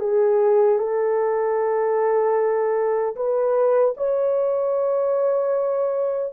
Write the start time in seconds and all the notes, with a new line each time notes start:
0.00 G#4
0.79 A4
3.16 B4
3.97 C#5